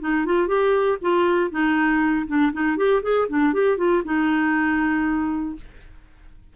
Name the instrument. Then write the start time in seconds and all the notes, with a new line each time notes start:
clarinet
0.00 D#4
0.25 F4
0.47 G4
1.01 F4
1.50 D#4
2.27 D4
2.52 D#4
2.77 G4
3.02 G#4
3.29 D4
3.53 G4
3.77 F4
4.04 D#4